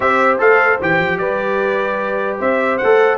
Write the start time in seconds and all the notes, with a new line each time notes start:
0.00 C4 G4 C5 E5
0.39 A3 A4 F5
0.81 E3 G4 G5
0.99 F3
1.18 G3 B4 D5
2.38 C4 C5 E5
2.77 F#5
2.83 A3 A4